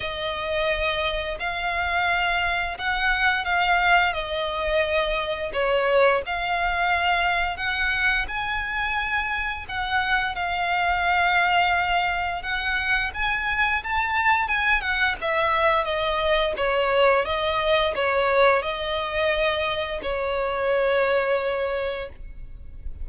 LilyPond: \new Staff \with { instrumentName = "violin" } { \time 4/4 \tempo 4 = 87 dis''2 f''2 | fis''4 f''4 dis''2 | cis''4 f''2 fis''4 | gis''2 fis''4 f''4~ |
f''2 fis''4 gis''4 | a''4 gis''8 fis''8 e''4 dis''4 | cis''4 dis''4 cis''4 dis''4~ | dis''4 cis''2. | }